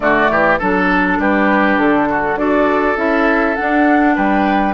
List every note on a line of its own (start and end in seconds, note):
0.00 0.29 D3
0.00 0.59 A3
0.00 0.31 F#4
0.00 0.59 D5
0.29 0.59 E3
0.29 0.58 G4
0.58 1.18 F#3
0.58 2.37 D4
0.58 1.18 A4
0.58 1.20 A4
1.18 1.78 G3
1.18 2.08 G4
1.18 1.79 B4
1.78 2.36 D3
1.78 2.37 A4
2.09 2.39 F#4
2.36 2.95 D4
2.36 2.95 F#4
2.36 4.15 A4
2.36 2.96 D5
2.95 3.55 C#4
2.95 3.55 E4
2.95 3.55 E5
3.55 4.74 D4
3.55 4.17 D4
3.55 4.15 F#5
4.15 4.74 G3
4.15 4.74 B4
4.15 4.74 G5